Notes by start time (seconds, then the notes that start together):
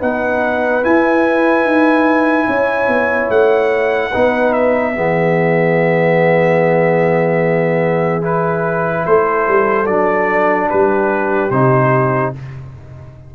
0.00 B3 D#4 B4 F#5
0.82 E4 G#5
1.65 D#4
2.47 C#4 C#5
2.87 B3
3.29 A3 F#5
4.10 B3 D#4 B4
4.53 E5
4.94 E3 B3 G#4
8.22 E4 B4
9.06 A3 A4 C5
9.48 G3
9.86 F#3 D4 D5
10.70 G3 G4 B4
11.50 C3 D#4 C5